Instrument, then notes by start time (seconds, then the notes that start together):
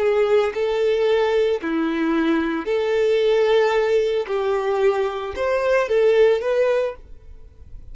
violin
0.00 G#4
0.55 A4
1.62 E4
2.66 A4
4.28 G4
5.36 C5
5.89 A4
6.42 B4